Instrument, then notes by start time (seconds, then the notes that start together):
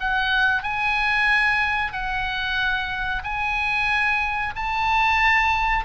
oboe
0.00 F#5
0.63 G#5
1.92 F#5
3.24 G#5
4.56 A5